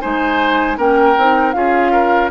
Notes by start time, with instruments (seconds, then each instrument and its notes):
0.00 bassoon G#3, clarinet D#4, oboe C5, flute G#5
0.77 bassoon A#3, clarinet C#4, oboe A#4, flute G5
1.17 bassoon C4, clarinet D#4
1.52 bassoon C#4, clarinet F4, oboe G#4, flute F5
1.92 oboe A#4